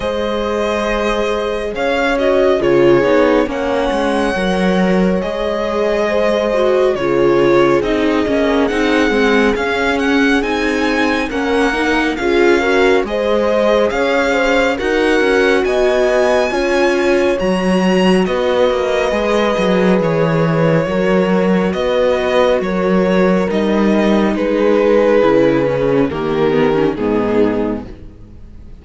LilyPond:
<<
  \new Staff \with { instrumentName = "violin" } { \time 4/4 \tempo 4 = 69 dis''2 f''8 dis''8 cis''4 | fis''2 dis''2 | cis''4 dis''4 fis''4 f''8 fis''8 | gis''4 fis''4 f''4 dis''4 |
f''4 fis''4 gis''2 | ais''4 dis''2 cis''4~ | cis''4 dis''4 cis''4 dis''4 | b'2 ais'4 gis'4 | }
  \new Staff \with { instrumentName = "horn" } { \time 4/4 c''2 cis''4 gis'4 | cis''2. c''4 | gis'1~ | gis'4 ais'4 gis'8 ais'8 c''4 |
cis''8 c''8 ais'4 dis''4 cis''4~ | cis''4 b'2. | ais'4 b'4 ais'2 | gis'2 g'4 dis'4 | }
  \new Staff \with { instrumentName = "viola" } { \time 4/4 gis'2~ gis'8 fis'8 f'8 dis'8 | cis'4 ais'4 gis'4. fis'8 | f'4 dis'8 cis'8 dis'8 c'8 cis'4 | dis'4 cis'8 dis'8 f'8 fis'8 gis'4~ |
gis'4 fis'2 f'4 | fis'2 gis'2 | fis'2. dis'4~ | dis'4 e'8 cis'8 ais8 b16 cis'16 b4 | }
  \new Staff \with { instrumentName = "cello" } { \time 4/4 gis2 cis'4 cis8 b8 | ais8 gis8 fis4 gis2 | cis4 c'8 ais8 c'8 gis8 cis'4 | c'4 ais4 cis'4 gis4 |
cis'4 dis'8 cis'8 b4 cis'4 | fis4 b8 ais8 gis8 fis8 e4 | fis4 b4 fis4 g4 | gis4 cis4 dis4 gis,4 | }
>>